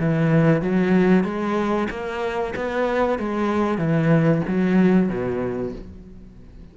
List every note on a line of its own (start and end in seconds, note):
0.00 0.62 E3
0.62 1.24 F#3
1.24 1.88 G#3
1.90 2.54 A#3
2.56 3.19 B3
3.19 3.79 G#3
3.79 4.42 E3
4.48 5.09 F#3
5.09 5.73 B2